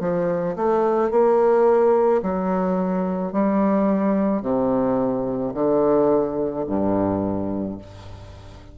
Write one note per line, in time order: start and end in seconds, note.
0.00 0.56 F3
0.56 1.11 A3
1.11 2.22 A#3
2.22 3.32 F#3
3.32 4.42 G3
4.42 5.53 C3
5.54 6.65 D3
6.67 7.78 G2